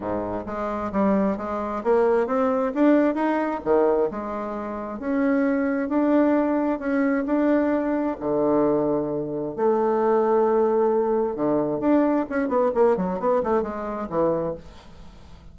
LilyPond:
\new Staff \with { instrumentName = "bassoon" } { \time 4/4 \tempo 4 = 132 gis,4 gis4 g4 gis4 | ais4 c'4 d'4 dis'4 | dis4 gis2 cis'4~ | cis'4 d'2 cis'4 |
d'2 d2~ | d4 a2.~ | a4 d4 d'4 cis'8 b8 | ais8 fis8 b8 a8 gis4 e4 | }